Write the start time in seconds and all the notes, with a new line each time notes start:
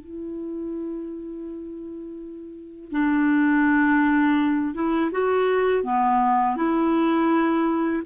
0.00 E4
2.91 D4
4.74 E4
5.12 F#4
5.83 B3
6.56 E4